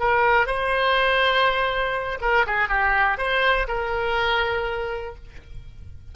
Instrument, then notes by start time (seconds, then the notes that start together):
oboe
0.00 A#4
0.46 C5
2.21 A#4
2.47 G#4
2.69 G4
3.18 C5
3.68 A#4